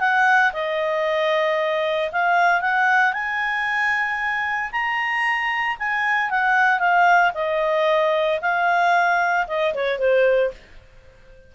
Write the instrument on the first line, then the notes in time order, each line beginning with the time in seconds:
clarinet
0.00 F#5
0.53 D#5
2.12 F5
2.61 F#5
3.13 G#5
4.72 A#5
5.79 G#5
6.30 F#5
6.80 F5
7.35 D#5
8.42 F5
9.48 D#5
9.74 C#5
9.99 C5